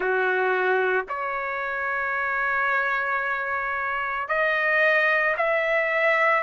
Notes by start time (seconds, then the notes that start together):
0.00 F#4
1.09 C#5
4.28 D#5
5.37 E5